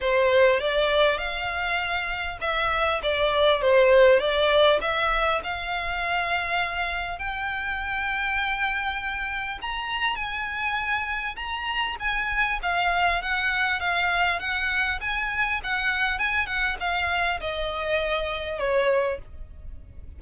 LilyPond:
\new Staff \with { instrumentName = "violin" } { \time 4/4 \tempo 4 = 100 c''4 d''4 f''2 | e''4 d''4 c''4 d''4 | e''4 f''2. | g''1 |
ais''4 gis''2 ais''4 | gis''4 f''4 fis''4 f''4 | fis''4 gis''4 fis''4 gis''8 fis''8 | f''4 dis''2 cis''4 | }